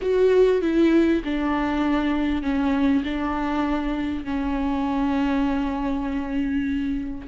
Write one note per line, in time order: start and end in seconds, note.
0.01 0.61 F#4
0.61 1.22 E4
1.24 2.42 D4
2.42 3.03 C#4
3.04 4.24 D4
4.24 7.27 C#4